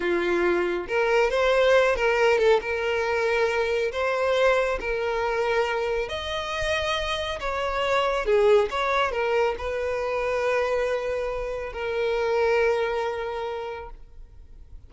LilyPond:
\new Staff \with { instrumentName = "violin" } { \time 4/4 \tempo 4 = 138 f'2 ais'4 c''4~ | c''8 ais'4 a'8 ais'2~ | ais'4 c''2 ais'4~ | ais'2 dis''2~ |
dis''4 cis''2 gis'4 | cis''4 ais'4 b'2~ | b'2. ais'4~ | ais'1 | }